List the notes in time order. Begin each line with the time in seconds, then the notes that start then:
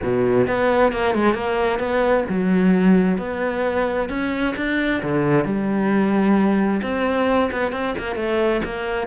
0.02 B2
0.47 B3
0.92 A#3
1.14 G#3
1.34 A#3
1.79 B3
2.29 F#3
3.18 B3
4.09 C#4
4.56 D4
5.02 D3
5.44 G3
6.82 C4
7.51 B3
7.71 C4
7.98 A#3
8.15 A3
8.64 A#3